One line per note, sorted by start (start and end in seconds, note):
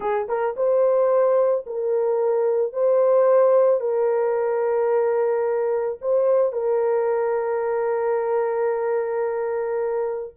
0.00 0.27 G#4
0.28 0.55 A#4
0.56 1.65 C5
1.66 2.72 A#4
2.72 3.80 C5
3.80 5.98 A#4
6.01 6.52 C5
6.52 10.34 A#4